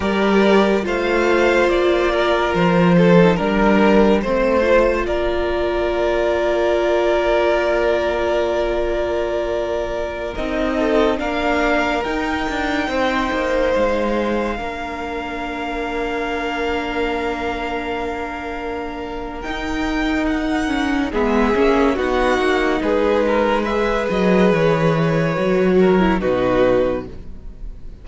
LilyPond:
<<
  \new Staff \with { instrumentName = "violin" } { \time 4/4 \tempo 4 = 71 d''4 f''4 d''4 c''4 | ais'4 c''4 d''2~ | d''1~ | d''16 dis''4 f''4 g''4.~ g''16~ |
g''16 f''2.~ f''8.~ | f''2. g''4 | fis''4 e''4 fis''4 b'4 | e''8 dis''8 cis''2 b'4 | }
  \new Staff \with { instrumentName = "violin" } { \time 4/4 ais'4 c''4. ais'4 a'8 | ais'4 c''4 ais'2~ | ais'1~ | ais'8. a'8 ais'2 c''8.~ |
c''4~ c''16 ais'2~ ais'8.~ | ais'1~ | ais'4 gis'4 fis'4 gis'8 ais'8 | b'2~ b'8 ais'8 fis'4 | }
  \new Staff \with { instrumentName = "viola" } { \time 4/4 g'4 f'2~ f'8. dis'16 | d'4 c'8 f'2~ f'8~ | f'1~ | f'16 dis'4 d'4 dis'4.~ dis'16~ |
dis'4~ dis'16 d'2~ d'8.~ | d'2. dis'4~ | dis'8 cis'8 b8 cis'8 dis'2 | gis'2 fis'8. e'16 dis'4 | }
  \new Staff \with { instrumentName = "cello" } { \time 4/4 g4 a4 ais4 f4 | g4 a4 ais2~ | ais1~ | ais16 c'4 ais4 dis'8 d'8 c'8 ais16~ |
ais16 gis4 ais2~ ais8.~ | ais2. dis'4~ | dis'4 gis8 ais8 b8 ais8 gis4~ | gis8 fis8 e4 fis4 b,4 | }
>>